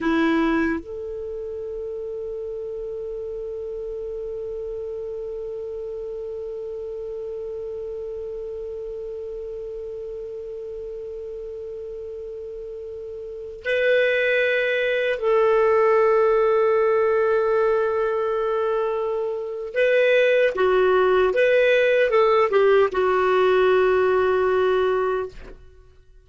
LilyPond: \new Staff \with { instrumentName = "clarinet" } { \time 4/4 \tempo 4 = 76 e'4 a'2.~ | a'1~ | a'1~ | a'1~ |
a'4~ a'16 b'2 a'8.~ | a'1~ | a'4 b'4 fis'4 b'4 | a'8 g'8 fis'2. | }